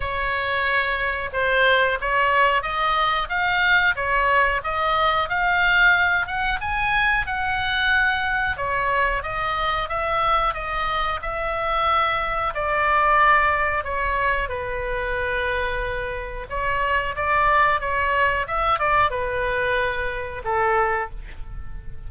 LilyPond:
\new Staff \with { instrumentName = "oboe" } { \time 4/4 \tempo 4 = 91 cis''2 c''4 cis''4 | dis''4 f''4 cis''4 dis''4 | f''4. fis''8 gis''4 fis''4~ | fis''4 cis''4 dis''4 e''4 |
dis''4 e''2 d''4~ | d''4 cis''4 b'2~ | b'4 cis''4 d''4 cis''4 | e''8 d''8 b'2 a'4 | }